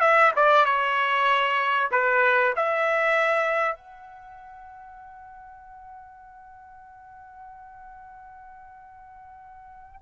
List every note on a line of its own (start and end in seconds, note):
0.00 0.31 E5
0.36 0.65 D5
0.65 1.90 C#5
1.91 2.53 B4
2.56 3.75 E5
3.75 10.00 F#5